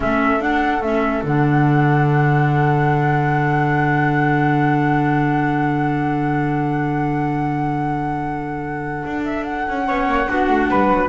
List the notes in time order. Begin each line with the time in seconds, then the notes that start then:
0.00 A3 C#4 A4 E5
0.40 D4 F#5
0.81 A3 C#4 E5
1.23 D3 D4 F#5
9.05 D4
9.24 E5
9.44 F#5
9.67 C#4
9.85 B3 C#4 C#5
10.07 A#3
10.27 B3 D4 F#4
10.48 A3
10.70 G3 B4
10.88 F#3